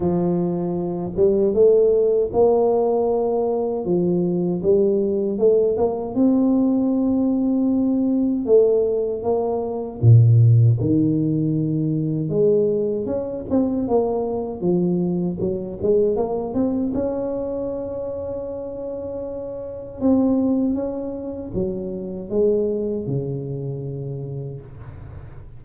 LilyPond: \new Staff \with { instrumentName = "tuba" } { \time 4/4 \tempo 4 = 78 f4. g8 a4 ais4~ | ais4 f4 g4 a8 ais8 | c'2. a4 | ais4 ais,4 dis2 |
gis4 cis'8 c'8 ais4 f4 | fis8 gis8 ais8 c'8 cis'2~ | cis'2 c'4 cis'4 | fis4 gis4 cis2 | }